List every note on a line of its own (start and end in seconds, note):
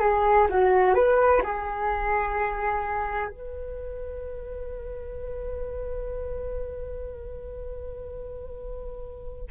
0.00 0.48 G#4
0.50 0.95 F#4
0.95 1.42 B4
1.43 3.29 G#4
3.29 9.48 B4